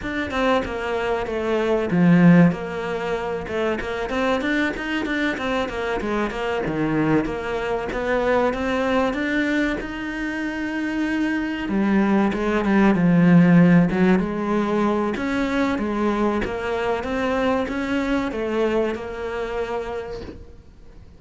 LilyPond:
\new Staff \with { instrumentName = "cello" } { \time 4/4 \tempo 4 = 95 d'8 c'8 ais4 a4 f4 | ais4. a8 ais8 c'8 d'8 dis'8 | d'8 c'8 ais8 gis8 ais8 dis4 ais8~ | ais8 b4 c'4 d'4 dis'8~ |
dis'2~ dis'8 g4 gis8 | g8 f4. fis8 gis4. | cis'4 gis4 ais4 c'4 | cis'4 a4 ais2 | }